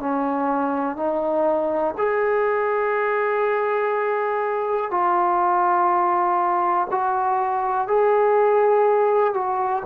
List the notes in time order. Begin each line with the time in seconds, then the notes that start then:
0.00 C#4
0.97 D#4
1.98 G#4
4.91 F4
6.91 F#4
7.88 G#4
9.34 F#4